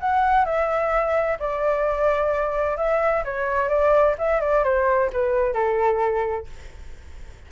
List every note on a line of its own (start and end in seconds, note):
0.00 0.45 F#5
0.45 1.38 E5
1.39 2.77 D5
2.77 3.23 E5
3.25 3.68 C#5
3.68 4.15 D5
4.18 4.40 E5
4.40 4.63 D5
4.63 5.10 C5
5.12 5.53 B4
5.53 6.46 A4